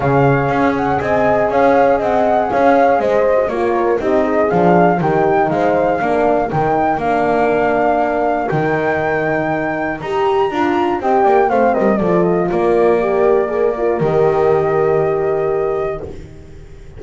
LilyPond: <<
  \new Staff \with { instrumentName = "flute" } { \time 4/4 \tempo 4 = 120 f''4. fis''8 gis''4 f''4 | fis''4 f''4 dis''4 cis''4 | dis''4 f''4 g''4 f''4~ | f''4 g''4 f''2~ |
f''4 g''2. | ais''2 g''4 f''8 dis''8 | d''8 dis''8 d''2. | dis''1 | }
  \new Staff \with { instrumentName = "horn" } { \time 4/4 cis''2 dis''4 cis''4 | dis''4 cis''4 c''4 ais'4 | g'8 gis'4. g'4 c''4 | ais'1~ |
ais'1~ | ais'2 dis''8 d''8 c''8 ais'8 | a'4 ais'2.~ | ais'1 | }
  \new Staff \with { instrumentName = "horn" } { \time 4/4 gis'1~ | gis'2~ gis'8. fis'16 f'4 | dis'4 d'4 dis'2 | d'4 dis'4 d'2~ |
d'4 dis'2. | g'4 f'4 g'4 c'4 | f'2 g'4 gis'8 f'8 | g'1 | }
  \new Staff \with { instrumentName = "double bass" } { \time 4/4 cis4 cis'4 c'4 cis'4 | c'4 cis'4 gis4 ais4 | c'4 f4 dis4 gis4 | ais4 dis4 ais2~ |
ais4 dis2. | dis'4 d'4 c'8 ais8 a8 g8 | f4 ais2. | dis1 | }
>>